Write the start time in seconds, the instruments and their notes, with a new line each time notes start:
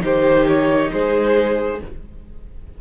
0.00 cello D#3, viola D#4, violin G4 C5
0.47 violin C#5
0.92 cello G#3, violin G#4 C5